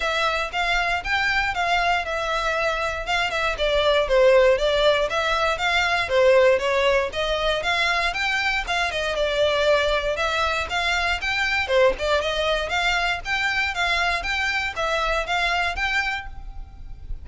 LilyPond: \new Staff \with { instrumentName = "violin" } { \time 4/4 \tempo 4 = 118 e''4 f''4 g''4 f''4 | e''2 f''8 e''8 d''4 | c''4 d''4 e''4 f''4 | c''4 cis''4 dis''4 f''4 |
g''4 f''8 dis''8 d''2 | e''4 f''4 g''4 c''8 d''8 | dis''4 f''4 g''4 f''4 | g''4 e''4 f''4 g''4 | }